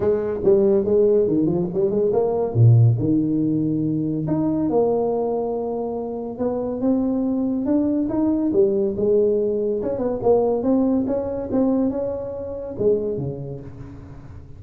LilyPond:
\new Staff \with { instrumentName = "tuba" } { \time 4/4 \tempo 4 = 141 gis4 g4 gis4 dis8 f8 | g8 gis8 ais4 ais,4 dis4~ | dis2 dis'4 ais4~ | ais2. b4 |
c'2 d'4 dis'4 | g4 gis2 cis'8 b8 | ais4 c'4 cis'4 c'4 | cis'2 gis4 cis4 | }